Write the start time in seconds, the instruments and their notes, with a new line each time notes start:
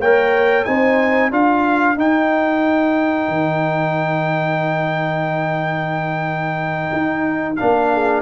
0.00 tuba A#3, trombone A#4, horn C#5, trumpet G5
0.65 tuba C4, trombone D#4, horn C5, trumpet G#5
1.31 tuba D4, trombone F4, horn A#4, trumpet F5
1.97 tuba D#4, trombone D#4, trumpet G5
3.28 tuba D#3
6.93 tuba D#4
7.56 tuba A#3, trombone D4, trumpet F5
7.93 horn G#4